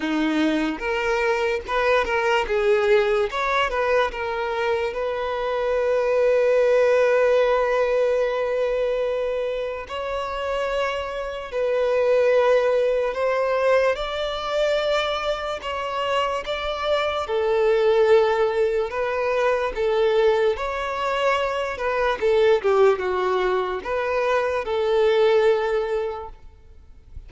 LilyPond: \new Staff \with { instrumentName = "violin" } { \time 4/4 \tempo 4 = 73 dis'4 ais'4 b'8 ais'8 gis'4 | cis''8 b'8 ais'4 b'2~ | b'1 | cis''2 b'2 |
c''4 d''2 cis''4 | d''4 a'2 b'4 | a'4 cis''4. b'8 a'8 g'8 | fis'4 b'4 a'2 | }